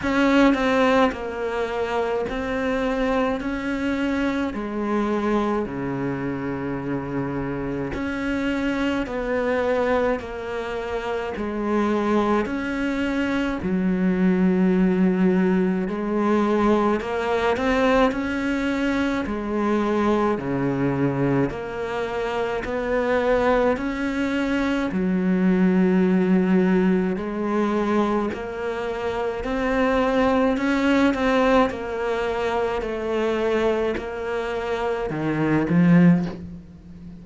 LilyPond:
\new Staff \with { instrumentName = "cello" } { \time 4/4 \tempo 4 = 53 cis'8 c'8 ais4 c'4 cis'4 | gis4 cis2 cis'4 | b4 ais4 gis4 cis'4 | fis2 gis4 ais8 c'8 |
cis'4 gis4 cis4 ais4 | b4 cis'4 fis2 | gis4 ais4 c'4 cis'8 c'8 | ais4 a4 ais4 dis8 f8 | }